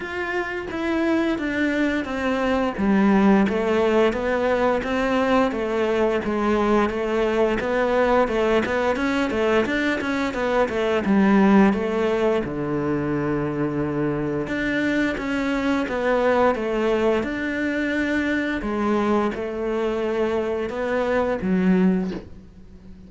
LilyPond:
\new Staff \with { instrumentName = "cello" } { \time 4/4 \tempo 4 = 87 f'4 e'4 d'4 c'4 | g4 a4 b4 c'4 | a4 gis4 a4 b4 | a8 b8 cis'8 a8 d'8 cis'8 b8 a8 |
g4 a4 d2~ | d4 d'4 cis'4 b4 | a4 d'2 gis4 | a2 b4 fis4 | }